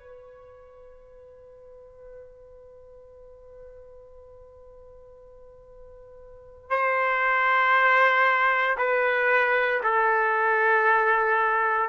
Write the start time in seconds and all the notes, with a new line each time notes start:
0.00 B4
6.71 C5
8.78 B4
9.83 A4